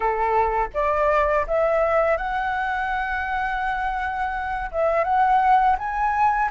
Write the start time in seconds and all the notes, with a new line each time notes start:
0.00 A4
0.74 D5
1.47 E5
2.17 F#5
4.72 E5
5.04 F#5
5.78 G#5